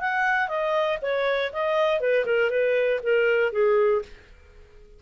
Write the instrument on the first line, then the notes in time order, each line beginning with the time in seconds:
clarinet
0.00 F#5
0.48 D#5
1.02 C#5
1.52 D#5
2.00 B4
2.25 A#4
2.50 B4
3.02 A#4
3.52 G#4